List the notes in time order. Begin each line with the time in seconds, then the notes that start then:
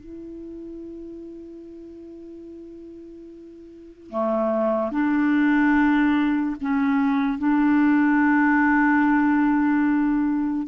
0.00 E4
4.11 A3
4.92 D4
6.62 C#4
7.39 D4